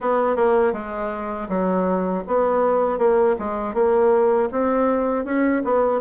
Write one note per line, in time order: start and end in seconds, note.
0.00 0.36 B3
0.36 0.73 A#3
0.73 1.48 G#3
1.48 2.23 F#3
2.27 2.98 B3
2.98 3.35 A#3
3.39 3.74 G#3
3.74 4.49 A#3
4.51 5.24 C4
5.24 5.62 C#4
5.64 6.00 B3